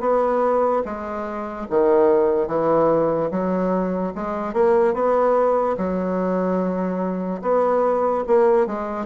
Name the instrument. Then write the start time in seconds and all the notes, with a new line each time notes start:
bassoon
0.00 B3
0.84 G#3
1.69 D#3
2.47 E3
3.31 F#3
4.15 G#3
4.53 A#3
4.94 B3
5.77 F#3
7.42 B3
8.27 A#3
8.66 G#3